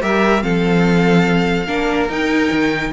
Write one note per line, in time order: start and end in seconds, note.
0.00 0.42 G3
0.00 0.41 G4
0.00 0.43 A#4
0.00 0.43 E5
0.41 1.67 F3
0.41 1.66 C4
0.41 1.66 A4
0.41 2.09 F5
1.66 2.08 A#3
1.66 2.08 D4
1.66 2.91 A#4
2.08 2.50 D#4
2.08 2.92 D#4
2.08 2.92 G5
2.51 2.92 D#3